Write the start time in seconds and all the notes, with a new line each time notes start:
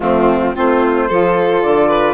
0.00 F3 A3 C4 F4
0.55 A3 C4 F4 C5
1.08 F3 F4 A4
1.62 D3 D5
1.88 B4